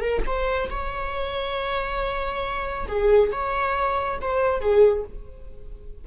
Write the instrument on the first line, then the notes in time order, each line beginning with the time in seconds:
viola
0.00 A#4
0.26 C5
0.70 C#5
2.87 G#4
3.32 C#5
4.21 C5
4.60 G#4